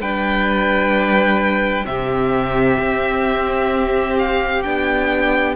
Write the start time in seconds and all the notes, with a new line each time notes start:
0.00 G3 D4 B4 G5
1.86 C3 C4 G4 E5
2.80 C4
4.19 F5
4.63 B3 D4 G5